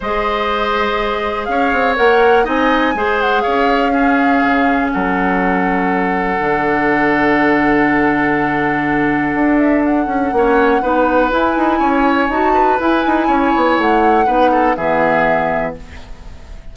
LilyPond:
<<
  \new Staff \with { instrumentName = "flute" } { \time 4/4 \tempo 4 = 122 dis''2. f''4 | fis''4 gis''4. fis''8 f''4~ | f''2 fis''2~ | fis''1~ |
fis''2.~ fis''8 e''8 | fis''2. gis''4~ | gis''4 a''4 gis''2 | fis''2 e''2 | }
  \new Staff \with { instrumentName = "oboe" } { \time 4/4 c''2. cis''4~ | cis''4 dis''4 c''4 cis''4 | gis'2 a'2~ | a'1~ |
a'1~ | a'4 cis''4 b'2 | cis''4. b'4. cis''4~ | cis''4 b'8 a'8 gis'2 | }
  \new Staff \with { instrumentName = "clarinet" } { \time 4/4 gis'1 | ais'4 dis'4 gis'2 | cis'1~ | cis'4 d'2.~ |
d'1~ | d'4 cis'4 dis'4 e'4~ | e'4 fis'4 e'2~ | e'4 dis'4 b2 | }
  \new Staff \with { instrumentName = "bassoon" } { \time 4/4 gis2. cis'8 c'8 | ais4 c'4 gis4 cis'4~ | cis'4 cis4 fis2~ | fis4 d2.~ |
d2. d'4~ | d'8 cis'8 ais4 b4 e'8 dis'8 | cis'4 dis'4 e'8 dis'8 cis'8 b8 | a4 b4 e2 | }
>>